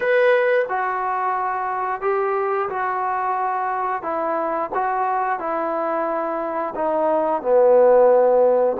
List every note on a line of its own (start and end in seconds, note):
0.00 0.65 B4
0.68 2.01 F#4
2.01 2.68 G4
2.69 4.02 F#4
4.02 4.69 E4
4.74 5.39 F#4
5.39 6.74 E4
6.75 7.42 D#4
7.42 8.76 B3